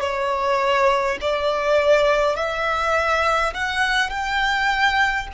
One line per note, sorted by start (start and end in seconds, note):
0.00 1.18 C#5
1.21 2.36 D5
2.36 3.53 E5
3.54 4.10 F#5
4.10 5.27 G5